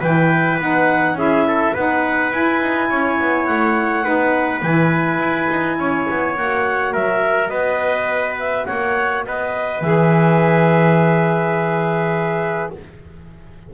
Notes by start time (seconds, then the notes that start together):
0.00 E3 E4 B4 G5
0.59 B3 D#4 F#5
1.14 C#4 E4 G#4 E5
1.48 A4
1.74 B3 D#4 B4 F#5
2.32 E4 G#5
2.61 D#4
2.90 C#4 C#5
3.20 B3
3.46 A3 F#5
4.04 B3 D#4 B4
4.62 E3 E4 G#5
5.20 E4
5.50 D#4
5.79 C#4 C#5
6.10 B3
6.37 A#3 F#4 F#5
6.93 F#3 A#4 E5
7.49 B3 B4 D#5
8.39 E5
8.66 A#3 C#5 F#5
9.26 B3 B4 D#5
9.81 E3 G#4 E5